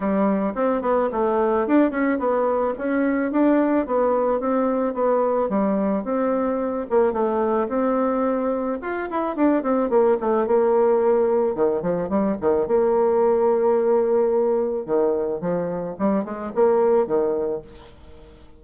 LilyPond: \new Staff \with { instrumentName = "bassoon" } { \time 4/4 \tempo 4 = 109 g4 c'8 b8 a4 d'8 cis'8 | b4 cis'4 d'4 b4 | c'4 b4 g4 c'4~ | c'8 ais8 a4 c'2 |
f'8 e'8 d'8 c'8 ais8 a8 ais4~ | ais4 dis8 f8 g8 dis8 ais4~ | ais2. dis4 | f4 g8 gis8 ais4 dis4 | }